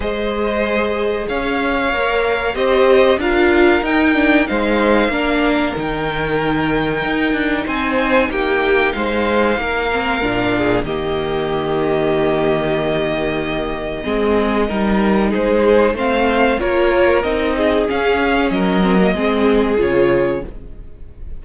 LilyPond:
<<
  \new Staff \with { instrumentName = "violin" } { \time 4/4 \tempo 4 = 94 dis''2 f''2 | dis''4 f''4 g''4 f''4~ | f''4 g''2. | gis''4 g''4 f''2~ |
f''4 dis''2.~ | dis''1 | c''4 f''4 cis''4 dis''4 | f''4 dis''2 cis''4 | }
  \new Staff \with { instrumentName = "violin" } { \time 4/4 c''2 cis''2 | c''4 ais'2 c''4 | ais'1 | c''4 g'4 c''4 ais'4~ |
ais'8 gis'8 g'2.~ | g'2 gis'4 ais'4 | gis'4 c''4 ais'4. gis'8~ | gis'4 ais'4 gis'2 | }
  \new Staff \with { instrumentName = "viola" } { \time 4/4 gis'2. ais'4 | g'4 f'4 dis'8 d'8 dis'4 | d'4 dis'2.~ | dis'2.~ dis'8 c'8 |
d'4 ais2.~ | ais2 c'4 dis'4~ | dis'4 c'4 f'4 dis'4 | cis'4. c'16 ais16 c'4 f'4 | }
  \new Staff \with { instrumentName = "cello" } { \time 4/4 gis2 cis'4 ais4 | c'4 d'4 dis'4 gis4 | ais4 dis2 dis'8 d'8 | c'4 ais4 gis4 ais4 |
ais,4 dis2.~ | dis2 gis4 g4 | gis4 a4 ais4 c'4 | cis'4 fis4 gis4 cis4 | }
>>